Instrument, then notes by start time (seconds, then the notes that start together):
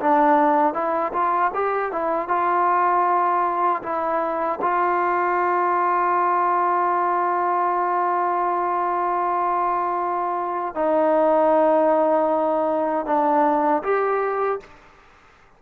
trombone
0.00 D4
0.74 E4
1.13 F4
1.54 G4
1.92 E4
2.28 F4
3.83 E4
4.61 F4
10.75 D#4
13.06 D4
13.83 G4